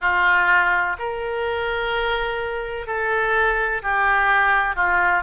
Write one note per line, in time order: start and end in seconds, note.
0.01 0.96 F4
0.98 2.87 A#4
2.87 3.82 A4
3.82 4.75 G4
4.75 5.23 F4